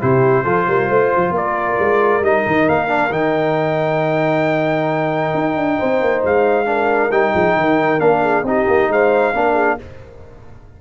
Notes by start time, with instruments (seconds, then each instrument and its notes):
0.00 tuba C3, trombone E4, horn G4, trumpet C5
0.43 tuba F3, trombone F4, horn A4
0.67 tuba G3, horn A#4
0.88 tuba A3, horn C5
1.16 tuba F3
1.31 tuba A#3, horn A#4, trumpet D5
1.79 tuba G#3
2.20 tuba G3, trombone D#4, trumpet D#5
2.46 tuba D#3
2.68 tuba A#3, trumpet F5
2.87 trombone D4
3.10 tuba D#3, trombone D#4, trumpet G5
5.34 tuba D#4
5.56 tuba D4
5.77 tuba C4, horn C5
6.01 tuba A#3
6.24 tuba G#3, trumpet F5
6.65 trombone D4, horn A#4
7.10 tuba G3, trombone D#4, trumpet G5
7.33 tuba F3, horn G#4
7.55 tuba D#3, horn A#4
7.99 tuba A#3, trombone D4, trumpet F5
8.23 horn G#4
8.42 tuba C4, trombone D#4, horn G4, trumpet D#5
8.67 tuba A#3
8.88 tuba G#3, horn C5, trumpet F5
9.34 tuba A#3, trombone D4, horn A#4
9.53 horn G#4